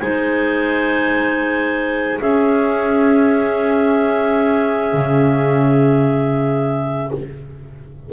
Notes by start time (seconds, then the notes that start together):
0.00 G#3 D#4 C5 G#5
2.20 C#4 G#4 E5
4.93 C#3